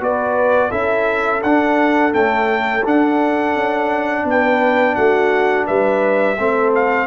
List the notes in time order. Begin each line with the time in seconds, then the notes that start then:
0.00 B3 F#4 B4 D5
0.69 C#4 E4 A4 E5
1.42 D4 F#5
2.11 A3 C#4 G5
2.84 D4 F#5
3.54 C#4
4.24 B3 B4 G5
4.95 A3 F#4 F#5
5.66 G3 B4 E5
6.37 A3 C4 A4
6.75 F5